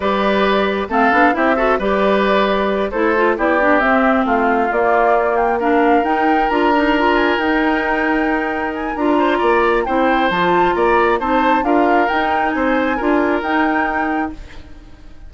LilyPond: <<
  \new Staff \with { instrumentName = "flute" } { \time 4/4 \tempo 4 = 134 d''2 f''4 e''4 | d''2~ d''8 c''4 d''8~ | d''8 e''4 f''4 d''4. | g''8 f''4 g''4 ais''4. |
gis''8 g''2. gis''8 | ais''2 g''4 a''4 | ais''4 a''4 f''4 g''4 | gis''2 g''2 | }
  \new Staff \with { instrumentName = "oboe" } { \time 4/4 b'2 a'4 g'8 a'8 | b'2~ b'8 a'4 g'8~ | g'4. f'2~ f'8~ | f'8 ais'2.~ ais'8~ |
ais'1~ | ais'8 c''8 d''4 c''2 | d''4 c''4 ais'2 | c''4 ais'2. | }
  \new Staff \with { instrumentName = "clarinet" } { \time 4/4 g'2 c'8 d'8 e'8 fis'8 | g'2~ g'8 e'8 f'8 e'8 | d'8 c'2 ais4.~ | ais8 d'4 dis'4 f'8 dis'8 f'8~ |
f'8 dis'2.~ dis'8 | f'2 e'4 f'4~ | f'4 dis'4 f'4 dis'4~ | dis'4 f'4 dis'2 | }
  \new Staff \with { instrumentName = "bassoon" } { \time 4/4 g2 a8 b8 c'4 | g2~ g8 a4 b8~ | b8 c'4 a4 ais4.~ | ais4. dis'4 d'4.~ |
d'8 dis'2.~ dis'8 | d'4 ais4 c'4 f4 | ais4 c'4 d'4 dis'4 | c'4 d'4 dis'2 | }
>>